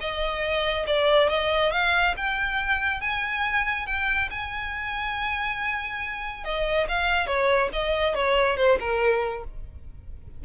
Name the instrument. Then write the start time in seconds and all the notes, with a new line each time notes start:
violin
0.00 D#5
0.86 D5
1.28 D#5
1.71 F5
2.16 G5
3.01 G#5
3.86 G5
4.30 G#5
6.44 D#5
6.88 F5
7.26 C#5
7.72 D#5
8.14 C#5
8.57 C5
8.80 A#4